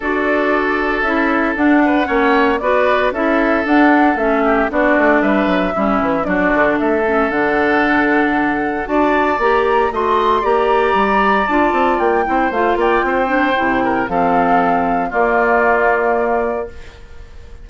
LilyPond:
<<
  \new Staff \with { instrumentName = "flute" } { \time 4/4 \tempo 4 = 115 d''2 e''4 fis''4~ | fis''4 d''4 e''4 fis''4 | e''4 d''4 e''2 | d''4 e''4 fis''2~ |
fis''4 a''4 ais''4 c'''4 | ais''2 a''4 g''4 | f''8 g''2~ g''8 f''4~ | f''4 d''2. | }
  \new Staff \with { instrumentName = "oboe" } { \time 4/4 a'2.~ a'8 b'8 | cis''4 b'4 a'2~ | a'8 g'8 fis'4 b'4 e'4 | fis'4 a'2.~ |
a'4 d''2 dis''4 | d''2.~ d''8 c''8~ | c''8 d''8 c''4. ais'8 a'4~ | a'4 f'2. | }
  \new Staff \with { instrumentName = "clarinet" } { \time 4/4 fis'2 e'4 d'4 | cis'4 fis'4 e'4 d'4 | cis'4 d'2 cis'4 | d'4. cis'8 d'2~ |
d'4 fis'4 g'4 fis'4 | g'2 f'4. e'8 | f'4. d'8 e'4 c'4~ | c'4 ais2. | }
  \new Staff \with { instrumentName = "bassoon" } { \time 4/4 d'2 cis'4 d'4 | ais4 b4 cis'4 d'4 | a4 b8 a8 g8 fis8 g8 e8 | fis8 d8 a4 d2~ |
d4 d'4 ais4 a4 | ais4 g4 d'8 c'8 ais8 c'8 | a8 ais8 c'4 c4 f4~ | f4 ais2. | }
>>